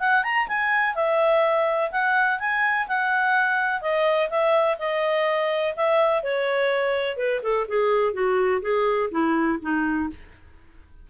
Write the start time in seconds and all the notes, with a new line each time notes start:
0.00 F#5
0.24 A#5
0.48 G#5
0.95 E5
1.92 F#5
2.40 G#5
2.88 F#5
3.82 D#5
4.30 E5
4.79 D#5
5.76 E5
6.24 C#5
7.17 B4
7.43 A4
7.69 G#4
8.14 F#4
8.62 G#4
9.11 E4
9.62 D#4